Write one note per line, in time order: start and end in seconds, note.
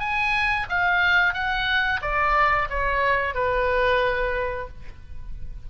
0.00 0.67 G#5
0.70 1.34 F5
1.34 2.01 F#5
2.02 2.69 D5
2.70 3.35 C#5
3.35 4.68 B4